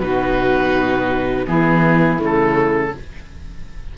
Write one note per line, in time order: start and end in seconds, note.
0.00 1.46 B2
0.00 1.47 D#4
0.00 1.46 F#4
0.00 1.46 B4
1.46 2.21 E3
1.46 2.19 B3
1.46 2.92 E4
1.46 2.21 G#4
2.19 2.94 C#3
2.19 2.93 A3
2.19 2.98 A4